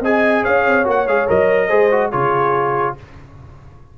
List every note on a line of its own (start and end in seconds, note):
0.00 0.42 C4
0.00 0.84 G#4
0.00 0.42 D#5
0.00 0.44 G#5
0.42 0.67 C#4
0.42 1.68 C#5
0.42 0.86 F5
0.67 0.86 C4
0.84 1.07 A#3
0.84 1.05 F#4
0.84 1.07 F#5
1.07 1.28 G#3
1.07 1.28 G#4
1.07 1.28 F5
1.28 1.71 F#3
1.28 1.69 A#4
1.28 2.11 D#5
1.68 2.13 G#3
1.68 1.90 G#4
1.68 2.10 C5
1.91 2.12 F#4
2.10 2.98 C#3
2.10 2.97 F4
2.10 2.94 G#4
2.10 2.96 C#5